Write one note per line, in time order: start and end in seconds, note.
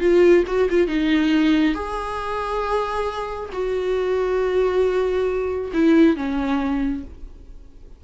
0.00 0.44 F4
0.47 0.69 F#4
0.70 0.88 F4
0.88 1.75 D#4
1.75 3.50 G#4
3.53 5.72 F#4
5.74 6.16 E4
6.16 7.04 C#4